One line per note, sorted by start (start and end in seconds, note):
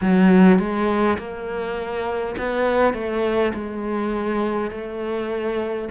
0.01 0.58 F#3
0.58 1.17 G#3
1.18 2.35 A#3
2.37 2.94 B3
2.94 3.52 A3
3.53 4.71 G#3
4.71 5.88 A3